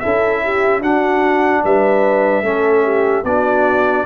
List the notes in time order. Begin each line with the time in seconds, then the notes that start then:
0.00 C#4 E4 A4 E5
0.44 G4
0.81 D4 F#4 F#5
1.64 G3 B4 E5
2.42 A3 C#4 A4
2.84 G4
3.24 B3 D4 F#4 D5